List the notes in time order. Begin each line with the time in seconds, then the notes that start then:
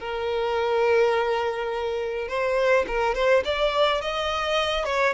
0.00 A#4
2.28 C5
2.88 A#4
3.15 C5
3.45 D5
4.02 D#5
4.85 C#5